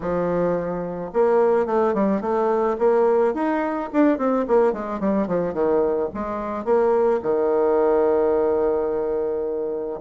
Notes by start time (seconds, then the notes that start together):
0.00 F3
1.13 A#3
1.66 A3
1.94 G3
2.21 A3
2.78 A#3
3.34 D#4
3.92 D4
4.17 C4
4.47 A#3
4.72 G#3
4.99 G3
5.27 F3
5.53 D#3
6.13 G#3
6.65 A#3
7.22 D#3